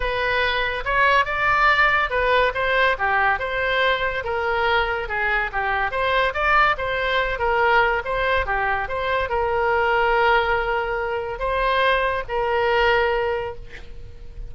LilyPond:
\new Staff \with { instrumentName = "oboe" } { \time 4/4 \tempo 4 = 142 b'2 cis''4 d''4~ | d''4 b'4 c''4 g'4 | c''2 ais'2 | gis'4 g'4 c''4 d''4 |
c''4. ais'4. c''4 | g'4 c''4 ais'2~ | ais'2. c''4~ | c''4 ais'2. | }